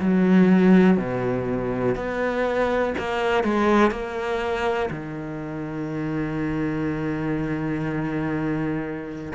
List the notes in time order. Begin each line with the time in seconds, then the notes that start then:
0.00 F#3
0.98 B2
1.96 B3
2.99 A#3
3.44 G#3
3.92 A#3
4.90 D#3